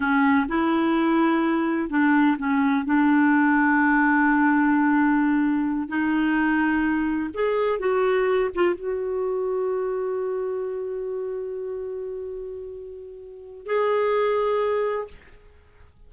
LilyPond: \new Staff \with { instrumentName = "clarinet" } { \time 4/4 \tempo 4 = 127 cis'4 e'2. | d'4 cis'4 d'2~ | d'1~ | d'8 dis'2. gis'8~ |
gis'8 fis'4. f'8 fis'4.~ | fis'1~ | fis'1~ | fis'4 gis'2. | }